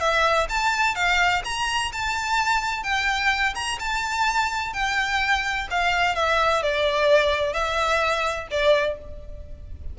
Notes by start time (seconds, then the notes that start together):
0.00 E5
0.49 A5
0.95 F5
1.44 A#5
1.92 A5
2.83 G5
3.55 A#5
3.79 A5
4.73 G5
5.70 F5
6.15 E5
6.62 D5
7.53 E5
8.51 D5